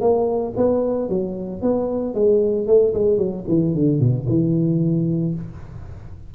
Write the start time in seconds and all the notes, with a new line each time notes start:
0.00 A#3
0.56 B3
1.09 F#3
1.61 B3
2.14 G#3
2.67 A3
2.93 G#3
3.17 F#3
3.48 E3
3.74 D3
3.99 B2
4.28 E3